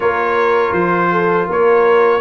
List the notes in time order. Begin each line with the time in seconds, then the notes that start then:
0.00 A#3 F4 A#4 C#5
0.72 F3 C5
1.11 A4
1.47 A#3 A#4 C#5